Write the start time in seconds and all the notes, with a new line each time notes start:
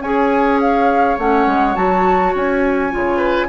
0.00 C#4 G#4 C#5 G#5
0.60 F5
1.18 A3 C#4 F#5
1.46 G#3
1.75 F#3 F#4 A5
2.35 C#4 G#5
2.90 C#3 F4
3.16 B4